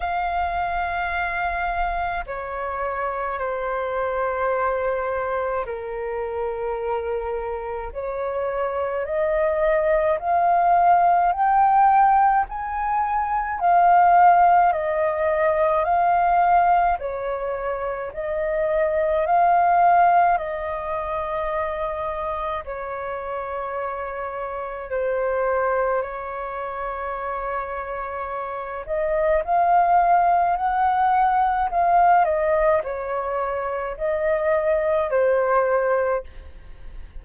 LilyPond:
\new Staff \with { instrumentName = "flute" } { \time 4/4 \tempo 4 = 53 f''2 cis''4 c''4~ | c''4 ais'2 cis''4 | dis''4 f''4 g''4 gis''4 | f''4 dis''4 f''4 cis''4 |
dis''4 f''4 dis''2 | cis''2 c''4 cis''4~ | cis''4. dis''8 f''4 fis''4 | f''8 dis''8 cis''4 dis''4 c''4 | }